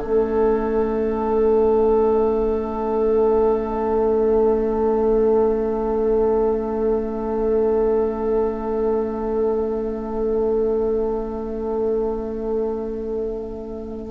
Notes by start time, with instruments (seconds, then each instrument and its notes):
0.00 bassoon A3, clarinet C#4, oboe A4, flute E5